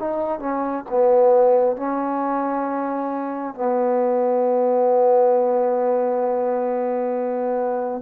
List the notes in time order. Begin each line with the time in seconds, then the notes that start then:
0.00 D#4
0.40 C#4
0.90 B3
1.77 C#4
3.55 B3